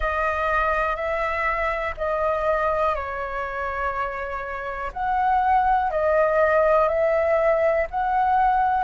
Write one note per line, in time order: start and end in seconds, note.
0.00 0.96 D#5
0.96 1.94 E5
1.97 2.95 D#5
2.95 4.91 C#5
4.92 5.90 F#5
5.90 6.88 D#5
6.88 7.86 E5
7.90 8.83 F#5